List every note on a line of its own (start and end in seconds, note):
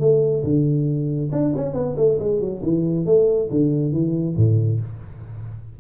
0.00 0.43 A3
0.44 1.31 D3
1.32 1.54 D4
1.56 1.74 C#4
1.74 1.96 B3
1.97 2.19 A3
2.20 2.41 G#3
2.41 2.62 F#3
2.63 3.06 E3
3.06 3.49 A3
3.51 3.92 D3
3.92 4.36 E3
4.37 4.80 A2